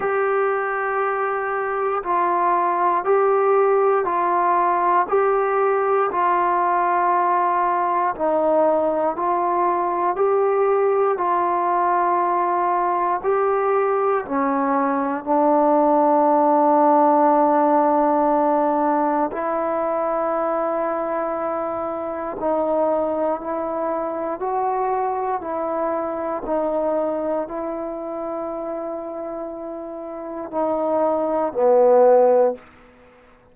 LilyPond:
\new Staff \with { instrumentName = "trombone" } { \time 4/4 \tempo 4 = 59 g'2 f'4 g'4 | f'4 g'4 f'2 | dis'4 f'4 g'4 f'4~ | f'4 g'4 cis'4 d'4~ |
d'2. e'4~ | e'2 dis'4 e'4 | fis'4 e'4 dis'4 e'4~ | e'2 dis'4 b4 | }